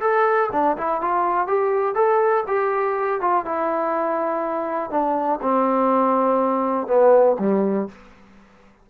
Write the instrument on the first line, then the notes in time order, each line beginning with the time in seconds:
trombone
0.00 A4
0.52 D4
0.77 E4
1.01 F4
1.47 G4
1.94 A4
2.47 G4
3.20 F4
3.45 E4
4.90 D4
5.42 C4
6.87 B3
7.39 G3